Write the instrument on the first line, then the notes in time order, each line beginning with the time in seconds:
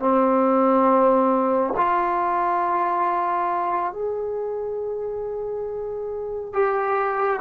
trombone
0.00 C4
1.77 F4
3.93 G#4
6.54 G4